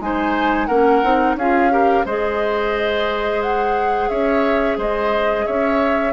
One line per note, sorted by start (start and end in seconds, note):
0.00 0.68 G#3
0.00 0.69 D#4
0.00 0.68 C5
0.00 0.66 G#5
0.66 1.02 A#3
0.66 1.04 C#4
0.66 1.36 A#4
0.66 1.35 F#5
1.04 1.36 C4
1.04 1.38 D#4
1.36 2.04 C#4
1.36 1.71 F4
1.36 1.72 G#4
1.36 2.06 F5
1.71 2.05 G4
1.71 2.06 A#4
2.05 4.10 G#3
2.05 6.13 G#4
2.05 4.10 C5
2.05 3.42 D#5
3.42 4.09 F#5
4.09 4.78 C#4
4.09 4.78 C#5
4.09 4.78 E5
4.78 5.46 G#3
4.78 5.46 C5
4.78 5.47 D#5
5.46 6.13 C#4
5.46 6.13 C#5
5.46 6.13 E5